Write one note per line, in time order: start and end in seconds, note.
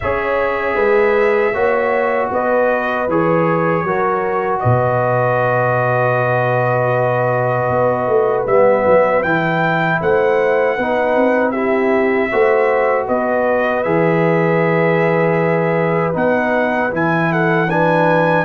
0.00 0.75 C#4
0.00 1.54 G#4
0.00 0.75 C#5
0.00 2.29 E5
0.75 1.52 G#3
0.75 1.52 B4
1.53 2.30 A#3
1.53 3.07 F#4
1.53 2.30 C#5
2.31 3.08 B3
2.31 3.85 B4
2.31 3.09 D#5
3.08 3.83 E3
3.08 3.86 G#4
3.08 4.59 C#5
3.83 4.60 F#3
3.83 8.48 F#4
3.83 4.61 A#4
4.59 7.69 B2
4.59 9.99 B4
4.59 8.43 D#5
7.69 8.07 B3
8.07 8.45 A3
8.46 8.84 G3
8.46 9.24 B3
8.46 9.23 E5
8.86 9.23 F#3
9.23 10.00 E3
9.23 10.78 E4
9.23 10.00 G5
10.00 10.78 A3
10.00 10.76 C5
10.00 11.51 F#5
10.76 11.15 B3
10.76 11.54 D#4
10.76 11.51 B4
11.15 12.30 C4
11.51 12.31 E4
11.51 12.28 G4
11.51 13.05 E5
12.31 13.08 A3
12.31 13.84 F#4
12.31 13.06 C5
13.06 13.85 B3
13.06 17.29 B4
13.06 13.83 D#5
13.83 16.15 E3
13.83 16.13 G#4
13.83 16.14 E5
16.13 16.92 B3
16.13 16.90 D#4
16.13 16.93 F#5
16.91 18.44 E3
16.91 17.67 E4
16.91 17.32 G#5
17.31 17.69 A4
17.31 17.70 F#5
17.69 18.44 D4
17.69 18.44 B4
17.69 18.44 G#5